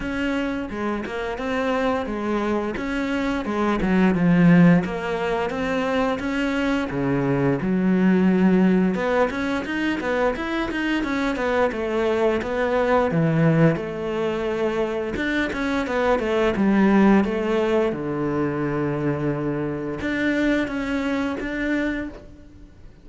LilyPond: \new Staff \with { instrumentName = "cello" } { \time 4/4 \tempo 4 = 87 cis'4 gis8 ais8 c'4 gis4 | cis'4 gis8 fis8 f4 ais4 | c'4 cis'4 cis4 fis4~ | fis4 b8 cis'8 dis'8 b8 e'8 dis'8 |
cis'8 b8 a4 b4 e4 | a2 d'8 cis'8 b8 a8 | g4 a4 d2~ | d4 d'4 cis'4 d'4 | }